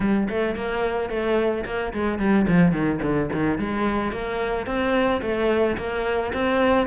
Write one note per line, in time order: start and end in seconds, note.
0.00 0.28 G3
0.29 0.55 A3
0.55 1.09 A#3
1.09 1.64 A3
1.65 1.92 A#3
1.93 2.19 G#3
2.19 2.46 G3
2.47 2.72 F3
2.72 2.99 D#3
3.02 3.29 D3
3.32 3.58 D#3
3.58 4.11 G#3
4.11 4.66 A#3
4.66 5.21 C4
5.21 5.76 A3
5.77 6.32 A#3
6.33 6.86 C4